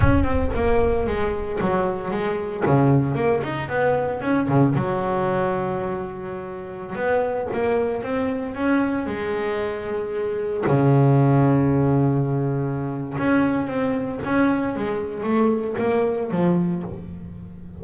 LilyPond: \new Staff \with { instrumentName = "double bass" } { \time 4/4 \tempo 4 = 114 cis'8 c'8 ais4 gis4 fis4 | gis4 cis4 ais8 dis'8 b4 | cis'8 cis8 fis2.~ | fis4~ fis16 b4 ais4 c'8.~ |
c'16 cis'4 gis2~ gis8.~ | gis16 cis2.~ cis8.~ | cis4 cis'4 c'4 cis'4 | gis4 a4 ais4 f4 | }